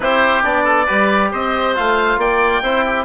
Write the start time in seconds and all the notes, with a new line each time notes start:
0.00 C4 E4 G4 C5
0.43 B3 D4 D5
0.63 A4
0.85 G3 G4 B4
1.31 C4 C5 D#5
1.75 A3 F4 F5
2.17 A#3 D5 G5
2.62 C4 E4 C5
2.85 G4